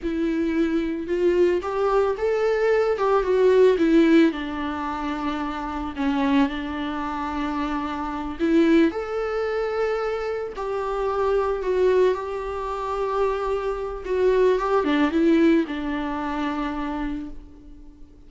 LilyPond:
\new Staff \with { instrumentName = "viola" } { \time 4/4 \tempo 4 = 111 e'2 f'4 g'4 | a'4. g'8 fis'4 e'4 | d'2. cis'4 | d'2.~ d'8 e'8~ |
e'8 a'2. g'8~ | g'4. fis'4 g'4.~ | g'2 fis'4 g'8 d'8 | e'4 d'2. | }